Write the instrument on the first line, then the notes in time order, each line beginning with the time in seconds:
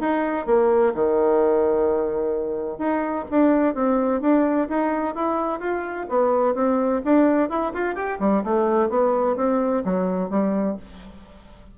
bassoon
0.00 D#4
0.46 A#3
0.94 D#3
2.78 D#4
3.30 D4
3.74 C4
4.21 D4
4.69 D#4
5.15 E4
5.59 F4
6.09 B3
6.54 C4
7.04 D4
7.49 E4
7.73 F4
7.95 G4
8.20 G3
8.44 A3
8.89 B3
9.36 C4
9.84 F#3
10.29 G3